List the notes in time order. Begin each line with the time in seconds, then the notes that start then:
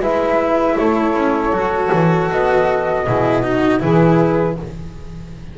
0.00 G#3 E4 B4 E5
0.78 A3 A4 C#5
1.15 C#4
1.51 F#3 F#4
1.92 E3
2.31 B3 D#5
3.05 B2 E4 G#4
3.42 D#4 F#4
3.80 E3 E4 G#4 B4